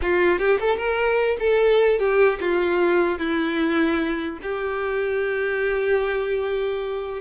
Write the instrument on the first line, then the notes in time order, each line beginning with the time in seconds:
violin
0.02 F4
0.38 G4
0.60 A4
0.77 A#4
1.39 A4
1.99 G4
2.40 F4
3.19 E4
4.42 G4